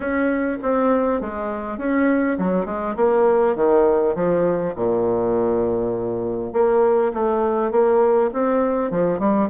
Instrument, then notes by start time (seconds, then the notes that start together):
bassoon
0.00 C#4
0.62 C4
1.20 G#3
1.78 C#4
2.38 F#3
2.65 G#3
2.96 A#3
3.55 D#3
4.14 F3
4.75 A#2
6.52 A#3
7.13 A3
7.71 A#3
8.33 C4
8.91 F3
9.19 G3